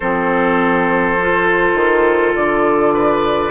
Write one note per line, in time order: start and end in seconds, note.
0.00 1.74 F3
0.00 1.19 C4
0.00 2.93 A4
0.00 2.34 C5
1.20 3.50 F4
1.74 2.33 D#3
2.34 3.50 D3
2.34 3.50 D5
2.93 3.50 B4